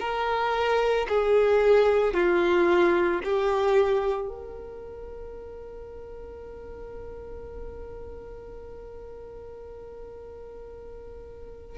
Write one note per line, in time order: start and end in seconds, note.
0.00 1.07 A#4
1.09 2.14 G#4
2.14 3.21 F4
3.24 4.28 G4
4.28 11.78 A#4